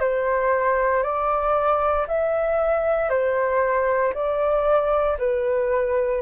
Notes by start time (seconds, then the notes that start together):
0.00 C5
1.03 D5
2.08 E5
3.10 C5
4.14 D5
5.19 B4